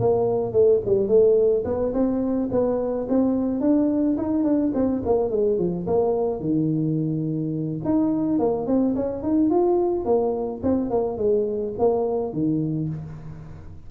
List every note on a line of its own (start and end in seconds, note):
0.00 0.53 A#3
0.53 0.81 A3
0.86 1.08 G3
1.08 1.64 A3
1.65 1.93 B3
1.94 2.50 C4
2.52 3.08 B3
3.09 3.61 C4
3.61 4.17 D4
4.18 4.44 D#4
4.44 4.72 D4
4.75 5.03 C4
5.05 5.31 A#3
5.31 5.58 G#3
5.58 5.86 F3
5.87 6.41 A#3
6.41 7.81 D#3
7.85 8.39 D#4
8.39 8.67 A#3
8.67 8.95 C4
8.96 9.23 C#4
9.23 9.50 D#4
9.50 10.05 F4
10.05 10.61 A#3
10.63 10.90 C4
10.90 11.18 A#3
11.18 11.74 G#3
11.79 12.33 A#3
12.33 12.89 D#3